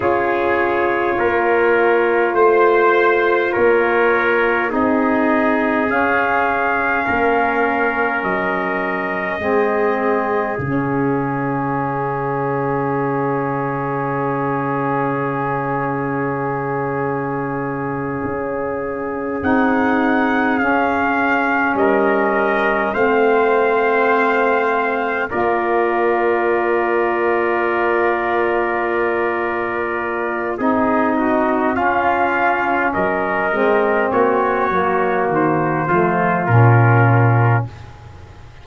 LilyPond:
<<
  \new Staff \with { instrumentName = "trumpet" } { \time 4/4 \tempo 4 = 51 cis''2 c''4 cis''4 | dis''4 f''2 dis''4~ | dis''4 f''2.~ | f''1~ |
f''8 fis''4 f''4 dis''4 f''8~ | f''4. d''2~ d''8~ | d''2 dis''4 f''4 | dis''4 cis''4 c''4 ais'4 | }
  \new Staff \with { instrumentName = "trumpet" } { \time 4/4 gis'4 ais'4 c''4 ais'4 | gis'2 ais'2 | gis'1~ | gis'1~ |
gis'2~ gis'8 ais'4 c''8~ | c''4. ais'2~ ais'8~ | ais'2 gis'8 fis'8 f'4 | ais'4 fis'4. f'4. | }
  \new Staff \with { instrumentName = "saxophone" } { \time 4/4 f'1 | dis'4 cis'2. | c'4 cis'2.~ | cis'1~ |
cis'8 dis'4 cis'2 c'8~ | c'4. f'2~ f'8~ | f'2 dis'4 cis'4~ | cis'8 c'4 ais4 a8 cis'4 | }
  \new Staff \with { instrumentName = "tuba" } { \time 4/4 cis'4 ais4 a4 ais4 | c'4 cis'4 ais4 fis4 | gis4 cis2.~ | cis2.~ cis8 cis'8~ |
cis'8 c'4 cis'4 g4 a8~ | a4. ais2~ ais8~ | ais2 c'4 cis'4 | fis8 gis8 ais8 fis8 dis8 f8 ais,4 | }
>>